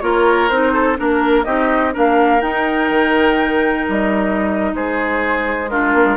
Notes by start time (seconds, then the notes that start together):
0.00 A#3 F4 A#4 C#5
0.49 C4 D#4 C5
0.73 A4
0.96 A#3 D4 A#4
1.44 C4 D#4 G4 D#5
1.92 A#3 D4 A#4 F5
2.41 D#4 G5
2.90 D#3
3.88 G3 D#5
4.73 G#3 G#4 C5
5.70 D4 F4 A#4
5.94 A#3
6.05 G#3